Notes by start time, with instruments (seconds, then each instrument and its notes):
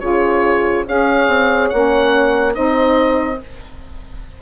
0.00 bassoon C#3, saxophone F4, horn G#4, oboe C#5
0.87 bassoon C#4, saxophone G#4, horn C#5, oboe F5
1.27 bassoon C4
1.69 bassoon A#3, saxophone C#4, oboe F#5
2.54 bassoon C4, saxophone D#4, horn C5, oboe D#5